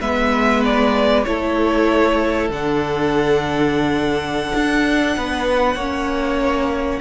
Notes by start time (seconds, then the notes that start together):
0.00 G#3 B3 B4 E5
0.64 D5
1.24 A3 E4 A4 C#5
2.49 D3 D4 F#5
4.55 D4
5.16 B3 B4
5.75 A#3 C#4 C#5